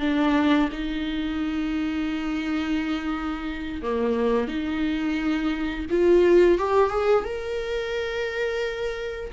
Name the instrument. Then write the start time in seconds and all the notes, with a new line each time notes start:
viola
0.00 D4
0.72 D#4
3.82 A#3
4.48 D#4
5.90 F4
6.58 G4
6.90 G#4
7.24 A#4